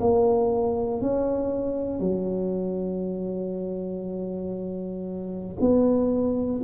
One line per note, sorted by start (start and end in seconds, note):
0.00 1.01 A#3
1.01 2.00 C#4
2.00 5.56 F#3
5.60 6.61 B3